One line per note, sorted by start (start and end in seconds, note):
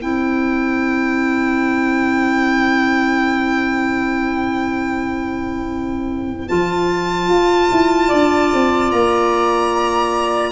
0.00 6.51 C4
0.00 6.49 E4
0.00 8.08 C5
0.00 6.49 G5
6.49 7.29 F3
6.49 10.52 F4
6.49 8.91 A5
7.29 7.70 F4
7.72 8.12 E4
8.08 8.54 D4
8.08 10.51 D5
8.54 8.93 C4
8.91 10.52 A#3
8.91 10.52 A#5